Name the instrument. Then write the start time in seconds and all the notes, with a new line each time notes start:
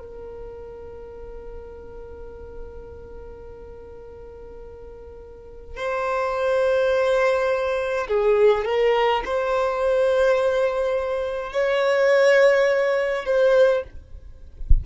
violin
0.00 A#4
5.77 C5
8.08 G#4
8.65 A#4
9.25 C5
11.53 C#5
13.26 C5